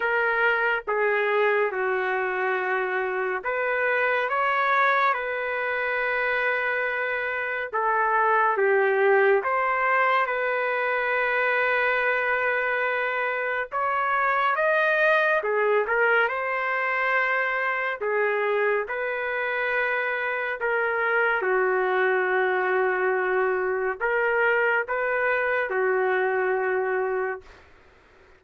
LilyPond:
\new Staff \with { instrumentName = "trumpet" } { \time 4/4 \tempo 4 = 70 ais'4 gis'4 fis'2 | b'4 cis''4 b'2~ | b'4 a'4 g'4 c''4 | b'1 |
cis''4 dis''4 gis'8 ais'8 c''4~ | c''4 gis'4 b'2 | ais'4 fis'2. | ais'4 b'4 fis'2 | }